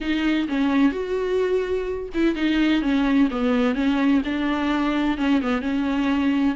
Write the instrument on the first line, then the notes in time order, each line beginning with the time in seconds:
viola
0.00 D#4
0.48 C#4
0.92 F#4
2.14 E4
2.35 D#4
2.82 C#4
3.30 B3
3.75 C#4
4.24 D4
5.17 C#4
5.41 B3
5.61 C#4